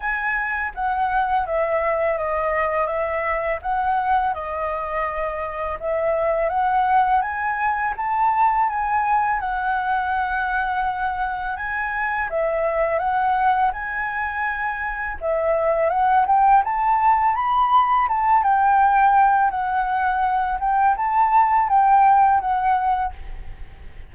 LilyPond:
\new Staff \with { instrumentName = "flute" } { \time 4/4 \tempo 4 = 83 gis''4 fis''4 e''4 dis''4 | e''4 fis''4 dis''2 | e''4 fis''4 gis''4 a''4 | gis''4 fis''2. |
gis''4 e''4 fis''4 gis''4~ | gis''4 e''4 fis''8 g''8 a''4 | b''4 a''8 g''4. fis''4~ | fis''8 g''8 a''4 g''4 fis''4 | }